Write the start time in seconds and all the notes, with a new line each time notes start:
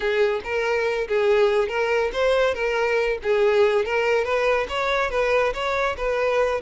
0.00 G#4
0.44 A#4
1.08 G#4
1.68 A#4
2.12 C5
2.54 A#4
3.22 G#4
3.85 A#4
4.24 B4
4.68 C#5
5.10 B4
5.53 C#5
5.97 B4